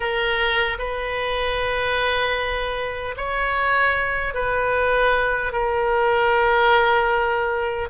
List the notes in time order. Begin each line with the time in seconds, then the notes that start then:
0.00 A#4
0.78 B4
3.16 C#5
4.34 B4
5.52 A#4